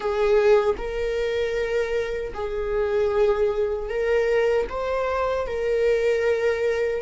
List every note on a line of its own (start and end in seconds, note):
0.00 0.75 G#4
0.77 2.33 A#4
2.34 3.89 G#4
3.89 4.67 A#4
4.69 5.47 C5
5.47 7.02 A#4